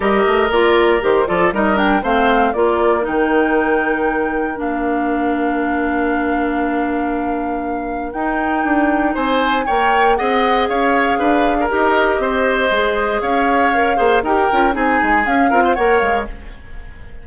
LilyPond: <<
  \new Staff \with { instrumentName = "flute" } { \time 4/4 \tempo 4 = 118 dis''4 d''4 c''8 d''8 dis''8 g''8 | f''4 d''4 g''2~ | g''4 f''2.~ | f''1 |
g''2 gis''4 g''4 | fis''4 f''2 dis''4~ | dis''2 f''2 | g''4 gis''4 f''4 fis''8 f''8 | }
  \new Staff \with { instrumentName = "oboe" } { \time 4/4 ais'2~ ais'8 a'8 ais'4 | c''4 ais'2.~ | ais'1~ | ais'1~ |
ais'2 c''4 cis''4 | dis''4 cis''4 b'8. ais'4~ ais'16 | c''2 cis''4. c''8 | ais'4 gis'4. ais'16 c''16 cis''4 | }
  \new Staff \with { instrumentName = "clarinet" } { \time 4/4 g'4 f'4 g'8 f'8 dis'8 d'8 | c'4 f'4 dis'2~ | dis'4 d'2.~ | d'1 |
dis'2. ais'4 | gis'2. g'4~ | g'4 gis'2 ais'8 gis'8 | g'8 f'8 dis'4 cis'8 f'8 ais'4 | }
  \new Staff \with { instrumentName = "bassoon" } { \time 4/4 g8 a8 ais4 dis8 f8 g4 | a4 ais4 dis2~ | dis4 ais2.~ | ais1 |
dis'4 d'4 c'4 ais4 | c'4 cis'4 d'4 dis'4 | c'4 gis4 cis'4. ais8 | dis'8 cis'8 c'8 gis8 cis'8 c'8 ais8 gis8 | }
>>